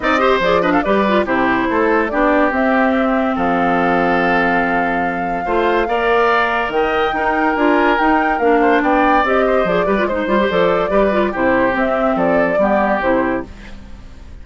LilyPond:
<<
  \new Staff \with { instrumentName = "flute" } { \time 4/4 \tempo 4 = 143 dis''4 d''8 dis''16 f''16 d''4 c''4~ | c''4 d''4 e''2 | f''1~ | f''1 |
g''2 gis''4 g''4 | f''4 g''4 dis''4 d''4 | c''4 d''2 c''4 | e''4 d''2 c''4 | }
  \new Staff \with { instrumentName = "oboe" } { \time 4/4 d''8 c''4 b'16 a'16 b'4 g'4 | a'4 g'2. | a'1~ | a'4 c''4 d''2 |
dis''4 ais'2.~ | ais'8 c''8 d''4. c''4 b'8 | c''2 b'4 g'4~ | g'4 a'4 g'2 | }
  \new Staff \with { instrumentName = "clarinet" } { \time 4/4 dis'8 g'8 gis'8 d'8 g'8 f'8 e'4~ | e'4 d'4 c'2~ | c'1~ | c'4 f'4 ais'2~ |
ais'4 dis'4 f'4 dis'4 | d'2 g'4 gis'8 g'16 f'16 | dis'8 f'16 g'16 a'4 g'8 f'8 e'4 | c'2 b4 e'4 | }
  \new Staff \with { instrumentName = "bassoon" } { \time 4/4 c'4 f4 g4 c4 | a4 b4 c'2 | f1~ | f4 a4 ais2 |
dis4 dis'4 d'4 dis'4 | ais4 b4 c'4 f8 g8 | gis8 g8 f4 g4 c4 | c'4 f4 g4 c4 | }
>>